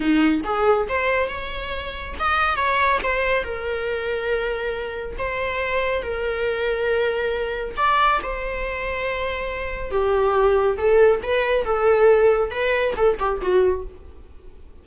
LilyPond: \new Staff \with { instrumentName = "viola" } { \time 4/4 \tempo 4 = 139 dis'4 gis'4 c''4 cis''4~ | cis''4 dis''4 cis''4 c''4 | ais'1 | c''2 ais'2~ |
ais'2 d''4 c''4~ | c''2. g'4~ | g'4 a'4 b'4 a'4~ | a'4 b'4 a'8 g'8 fis'4 | }